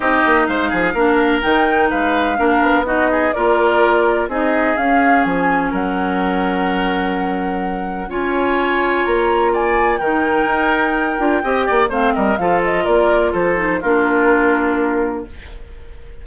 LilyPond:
<<
  \new Staff \with { instrumentName = "flute" } { \time 4/4 \tempo 4 = 126 dis''4 f''2 g''4 | f''2 dis''4 d''4~ | d''4 dis''4 f''4 gis''4 | fis''1~ |
fis''4 gis''2 ais''4 | gis''4 g''2.~ | g''4 f''8 dis''8 f''8 dis''8 d''4 | c''4 ais'2. | }
  \new Staff \with { instrumentName = "oboe" } { \time 4/4 g'4 c''8 gis'8 ais'2 | b'4 ais'4 fis'8 gis'8 ais'4~ | ais'4 gis'2. | ais'1~ |
ais'4 cis''2. | d''4 ais'2. | dis''8 d''8 c''8 ais'8 a'4 ais'4 | a'4 f'2. | }
  \new Staff \with { instrumentName = "clarinet" } { \time 4/4 dis'2 d'4 dis'4~ | dis'4 d'4 dis'4 f'4~ | f'4 dis'4 cis'2~ | cis'1~ |
cis'4 f'2.~ | f'4 dis'2~ dis'8 f'8 | g'4 c'4 f'2~ | f'8 dis'8 d'2. | }
  \new Staff \with { instrumentName = "bassoon" } { \time 4/4 c'8 ais8 gis8 f8 ais4 dis4 | gis4 ais8 b4. ais4~ | ais4 c'4 cis'4 f4 | fis1~ |
fis4 cis'2 ais4~ | ais4 dis4 dis'4. d'8 | c'8 ais8 a8 g8 f4 ais4 | f4 ais2. | }
>>